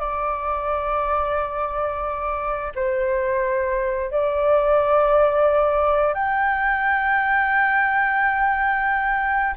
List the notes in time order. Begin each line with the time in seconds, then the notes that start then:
0.00 D5
2.75 C5
4.11 D5
6.14 G5